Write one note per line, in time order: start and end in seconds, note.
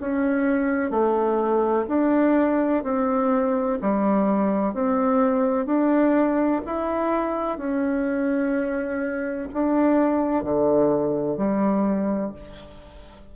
0.00 0.91 C#4
0.91 1.86 A3
1.88 2.83 D4
2.84 3.79 C4
3.81 4.74 G3
4.74 5.66 C4
5.66 6.61 D4
6.66 7.58 E4
7.58 9.48 C#4
9.53 10.44 D4
10.44 11.37 D3
11.37 12.32 G3